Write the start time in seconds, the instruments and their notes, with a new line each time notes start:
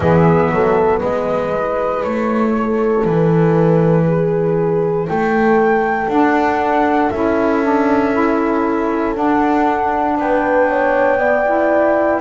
0.00 double bass E3, saxophone B3, horn G#4, flute E5
0.50 double bass F#3, horn A4
1.00 double bass G#3, horn B4, flute D#5
1.53 saxophone E4
2.03 double bass A3, flute C#5
2.55 horn A4
3.04 double bass E3, flute B4
4.06 horn G#4
5.08 double bass A3, horn A4, flute G5
6.08 double bass D4, saxophone D4, flute F#5
7.10 double bass C#4, saxophone E4, flute E5
7.63 saxophone D4
8.13 saxophone E4
9.14 saxophone D4, double bass D4, flute F#5
10.17 double bass B3, horn B4, flute G5
10.68 horn C#5
11.17 saxophone B3, horn D5
11.45 saxophone E4